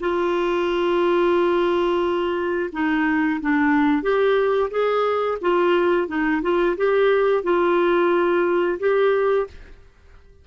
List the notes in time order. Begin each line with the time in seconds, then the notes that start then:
0.00 F4
2.73 D#4
3.41 D4
4.02 G4
4.71 G#4
5.41 F4
6.08 D#4
6.42 F4
6.77 G4
7.44 F4
8.79 G4